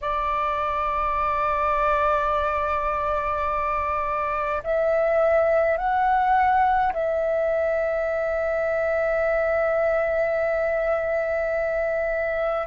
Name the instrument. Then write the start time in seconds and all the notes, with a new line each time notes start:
flute
0.01 D5
4.63 E5
5.77 F#5
6.93 E5